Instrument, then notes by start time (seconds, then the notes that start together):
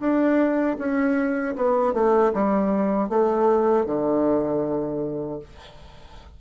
bassoon
0.00 D4
0.79 C#4
1.56 B3
1.94 A3
2.34 G3
3.09 A3
3.86 D3